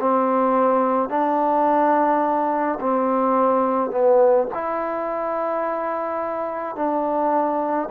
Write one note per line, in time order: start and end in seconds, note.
0.00 1.09 C4
1.09 2.79 D4
2.80 3.91 C4
3.91 4.48 B3
4.54 6.76 E4
6.76 7.89 D4